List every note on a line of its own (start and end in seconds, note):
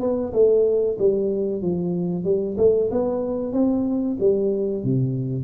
0.00 0.32 B3
0.33 0.97 A3
0.98 1.62 G3
1.62 2.24 F3
2.24 2.56 G3
2.57 2.89 A3
2.91 3.52 B3
3.52 4.17 C4
4.20 4.84 G3
4.84 5.44 C3